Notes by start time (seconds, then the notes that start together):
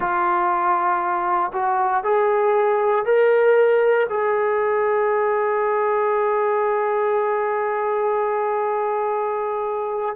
0.00 F4
1.53 F#4
2.03 G#4
3.05 A#4
4.09 G#4